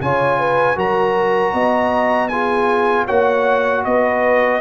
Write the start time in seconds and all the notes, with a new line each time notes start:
0.00 C#3 F4 C#5 G#5
0.38 B4
0.75 F#3 F#4 A#4 A#5
1.53 B3 D#5
2.28 F4 G#4 G#5
3.05 A#3 F#4 C#5 F#5
3.84 B3 B4 D#5